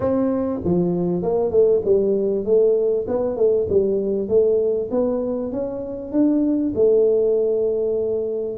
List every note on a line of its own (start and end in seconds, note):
0.00 0.60 C4
0.64 1.22 F3
1.22 1.50 A#3
1.50 1.81 A3
1.84 2.44 G3
2.44 3.06 A3
3.07 3.36 B3
3.36 3.67 A3
3.69 4.28 G3
4.28 4.89 A3
4.91 5.51 B3
5.51 6.12 C#4
6.12 6.73 D4
6.75 8.58 A3